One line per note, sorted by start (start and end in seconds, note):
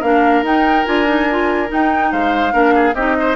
0.00 0.43 A#3
0.00 0.45 D4
0.00 2.10 A#4
0.00 0.44 F5
0.43 0.85 D#4
0.43 0.86 D#4
0.43 0.86 G5
0.86 1.72 D4
0.86 1.06 F4
0.86 1.70 G#5
1.06 1.27 D#4
1.31 1.68 F4
1.68 2.52 D#4
1.68 2.13 D#4
1.68 2.12 G5
2.12 2.54 G#3
2.12 2.53 C5
2.12 2.95 F5
2.52 2.94 A#3
2.52 2.94 D4
2.52 2.74 A#4
2.75 2.95 G#4
2.94 3.36 C4
2.94 3.36 D#4
2.94 3.16 G4
2.94 3.36 D#5
3.20 3.36 C5